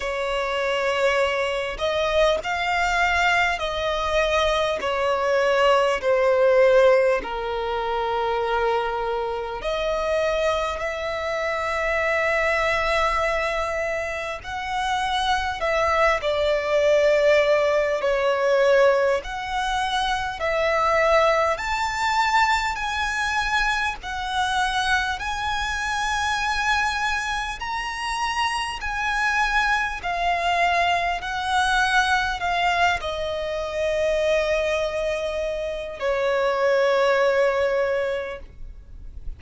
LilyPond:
\new Staff \with { instrumentName = "violin" } { \time 4/4 \tempo 4 = 50 cis''4. dis''8 f''4 dis''4 | cis''4 c''4 ais'2 | dis''4 e''2. | fis''4 e''8 d''4. cis''4 |
fis''4 e''4 a''4 gis''4 | fis''4 gis''2 ais''4 | gis''4 f''4 fis''4 f''8 dis''8~ | dis''2 cis''2 | }